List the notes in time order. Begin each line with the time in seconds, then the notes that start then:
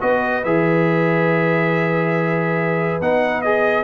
0.00 B3 F#4 B4 D#5
0.44 E3 G#4 E5
3.00 B3 D#4 F#5
3.41 G#4 D#5